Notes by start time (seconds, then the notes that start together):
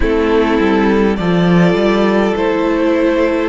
0.00 A3 C4 E4 A4
0.59 G3
1.16 F3 F4 A4 D5
1.74 G3
2.36 A3 E4 C5